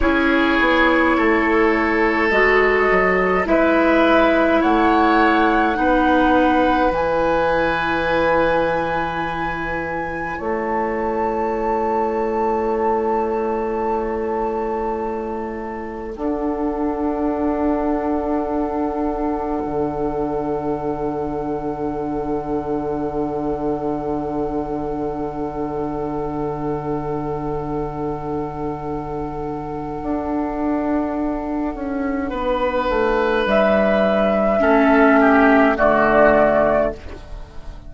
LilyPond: <<
  \new Staff \with { instrumentName = "flute" } { \time 4/4 \tempo 4 = 52 cis''2 dis''4 e''4 | fis''2 gis''2~ | gis''4 a''2.~ | a''2 fis''2~ |
fis''1~ | fis''1~ | fis''1~ | fis''4 e''2 d''4 | }
  \new Staff \with { instrumentName = "oboe" } { \time 4/4 gis'4 a'2 b'4 | cis''4 b'2.~ | b'4 cis''2.~ | cis''2 a'2~ |
a'1~ | a'1~ | a'1 | b'2 a'8 g'8 fis'4 | }
  \new Staff \with { instrumentName = "clarinet" } { \time 4/4 e'2 fis'4 e'4~ | e'4 dis'4 e'2~ | e'1~ | e'2 d'2~ |
d'1~ | d'1~ | d'1~ | d'2 cis'4 a4 | }
  \new Staff \with { instrumentName = "bassoon" } { \time 4/4 cis'8 b8 a4 gis8 fis8 gis4 | a4 b4 e2~ | e4 a2.~ | a2 d'2~ |
d'4 d2.~ | d1~ | d2 d'4. cis'8 | b8 a8 g4 a4 d4 | }
>>